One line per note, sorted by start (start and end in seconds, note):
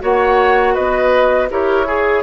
0.00 0.77 A#3
0.00 1.48 F#4
0.00 0.74 C#5
0.00 0.75 F#5
0.74 1.51 B3
0.74 1.48 B4
0.74 1.49 D#5
1.50 2.23 E4
1.50 1.86 G4
1.50 1.87 A#4
1.50 2.23 C#5
1.86 2.23 G#4